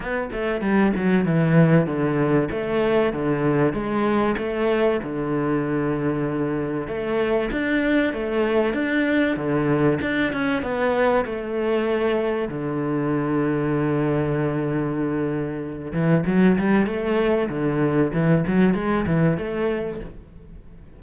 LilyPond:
\new Staff \with { instrumentName = "cello" } { \time 4/4 \tempo 4 = 96 b8 a8 g8 fis8 e4 d4 | a4 d4 gis4 a4 | d2. a4 | d'4 a4 d'4 d4 |
d'8 cis'8 b4 a2 | d1~ | d4. e8 fis8 g8 a4 | d4 e8 fis8 gis8 e8 a4 | }